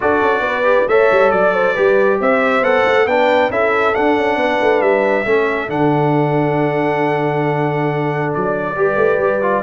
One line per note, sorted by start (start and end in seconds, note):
0.00 0.21 D4
0.00 0.64 F#4
0.00 0.45 A4
0.00 0.88 D5
0.21 0.40 C#4
0.40 0.83 B3
0.46 0.89 B4
0.64 0.86 G4
0.87 1.08 A3
0.87 1.75 A4
0.87 1.32 C#5
0.87 1.31 E5
1.11 1.32 G3
1.31 1.76 F#3
1.31 2.18 D5
1.31 1.53 D5
1.53 1.73 C5
1.73 2.20 G3
1.73 2.62 G4
1.73 2.17 B4
2.20 2.61 C4
2.20 3.07 C5
2.20 2.64 E5
2.61 2.83 B3
2.61 3.06 A4
2.61 3.07 F#5
2.85 3.05 A3
3.05 3.49 B3
3.05 3.50 D4
3.05 3.50 B4
3.05 3.51 G5
3.50 3.93 C#4
3.50 3.93 E4
3.50 4.38 A4
3.50 3.95 E5
3.93 5.24 D4
3.93 4.17 D4
3.93 4.81 F#5
4.17 4.36 C#4
4.36 4.58 B3
4.36 5.26 B4
4.61 4.81 A3
4.81 5.25 G3
4.81 5.69 E5
5.25 5.69 A3
5.25 5.68 C#4
5.25 8.77 A4
5.68 8.31 D3
5.68 8.75 D4
5.68 8.32 F#5
8.34 8.76 F#3
8.34 9.63 D5
8.76 8.96 G3
8.76 9.42 G4
8.76 9.63 B4
8.96 9.17 A3
9.18 9.61 G3
9.42 9.63 F4